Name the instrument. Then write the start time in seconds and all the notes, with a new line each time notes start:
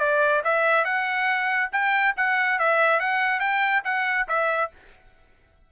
trumpet
0.00 D5
0.45 E5
0.85 F#5
1.73 G5
2.17 F#5
2.59 E5
3.00 F#5
3.40 G5
3.85 F#5
4.29 E5